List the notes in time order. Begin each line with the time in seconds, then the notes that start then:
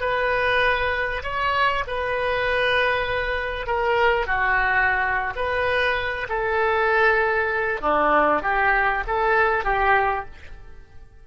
0.00 B4
1.23 C#5
1.87 B4
3.67 A#4
4.26 F#4
5.35 B4
6.29 A4
7.81 D4
8.42 G4
9.07 A4
9.64 G4